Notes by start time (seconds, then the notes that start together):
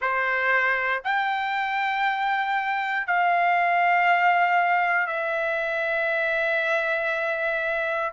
0.01 C5
1.04 G5
3.06 F5
5.07 E5